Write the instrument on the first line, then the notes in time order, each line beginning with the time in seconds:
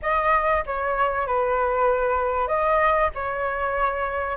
flute
0.02 D#5
0.66 C#5
1.26 B4
2.47 D#5
3.14 C#5